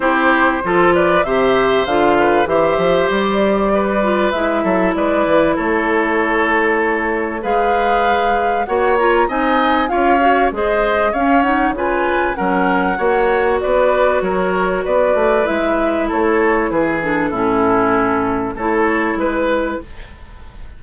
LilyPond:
<<
  \new Staff \with { instrumentName = "flute" } { \time 4/4 \tempo 4 = 97 c''4. d''8 e''4 f''4 | e''4 d''2 e''4 | d''4 cis''2. | f''2 fis''8 ais''8 gis''4 |
f''4 dis''4 f''8 fis''8 gis''4 | fis''2 d''4 cis''4 | d''4 e''4 cis''4 b'8 a'8~ | a'2 cis''4 b'4 | }
  \new Staff \with { instrumentName = "oboe" } { \time 4/4 g'4 a'8 b'8 c''4. b'8 | c''2 b'4. a'8 | b'4 a'2. | b'2 cis''4 dis''4 |
cis''4 c''4 cis''4 b'4 | ais'4 cis''4 b'4 ais'4 | b'2 a'4 gis'4 | e'2 a'4 b'4 | }
  \new Staff \with { instrumentName = "clarinet" } { \time 4/4 e'4 f'4 g'4 f'4 | g'2~ g'8 f'8 e'4~ | e'1 | gis'2 fis'8 f'8 dis'4 |
f'8 fis'8 gis'4 cis'8 dis'8 f'4 | cis'4 fis'2.~ | fis'4 e'2~ e'8 d'8 | cis'2 e'2 | }
  \new Staff \with { instrumentName = "bassoon" } { \time 4/4 c'4 f4 c4 d4 | e8 f8 g2 gis8 fis8 | gis8 e8 a2. | gis2 ais4 c'4 |
cis'4 gis4 cis'4 cis4 | fis4 ais4 b4 fis4 | b8 a8 gis4 a4 e4 | a,2 a4 gis4 | }
>>